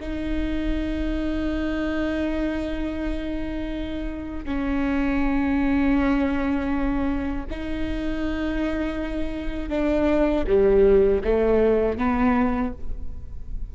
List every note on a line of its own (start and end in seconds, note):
0.00 4.45 D#4
4.45 7.45 C#4
7.50 9.69 D#4
9.69 10.44 D4
10.47 11.22 G3
11.24 11.98 A3
11.98 12.73 B3